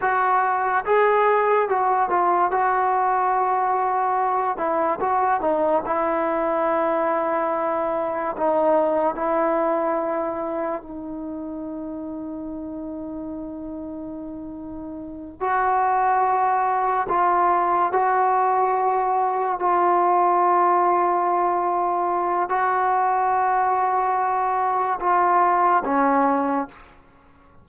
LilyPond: \new Staff \with { instrumentName = "trombone" } { \time 4/4 \tempo 4 = 72 fis'4 gis'4 fis'8 f'8 fis'4~ | fis'4. e'8 fis'8 dis'8 e'4~ | e'2 dis'4 e'4~ | e'4 dis'2.~ |
dis'2~ dis'8 fis'4.~ | fis'8 f'4 fis'2 f'8~ | f'2. fis'4~ | fis'2 f'4 cis'4 | }